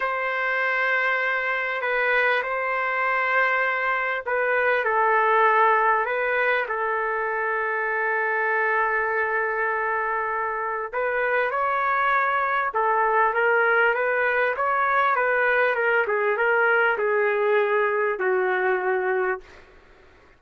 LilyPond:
\new Staff \with { instrumentName = "trumpet" } { \time 4/4 \tempo 4 = 99 c''2. b'4 | c''2. b'4 | a'2 b'4 a'4~ | a'1~ |
a'2 b'4 cis''4~ | cis''4 a'4 ais'4 b'4 | cis''4 b'4 ais'8 gis'8 ais'4 | gis'2 fis'2 | }